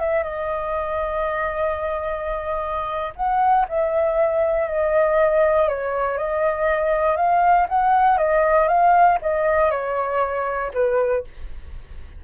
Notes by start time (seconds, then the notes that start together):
0.00 E5
0.23 D#5
3.16 F#5
3.69 E5
4.68 D#5
5.69 C#5
6.18 D#5
7.17 F5
7.69 F#5
8.18 D#5
8.68 F5
9.22 D#5
9.71 C#5
10.74 B4